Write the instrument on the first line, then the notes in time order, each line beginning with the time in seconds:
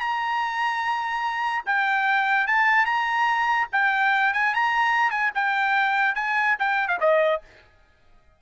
trumpet
0.00 A#5
1.66 G5
2.47 A5
2.85 A#5
3.72 G5
4.34 G#5
4.54 A#5
5.10 G#5
5.35 G5
6.15 G#5
6.59 G5
6.88 F5
7.00 D#5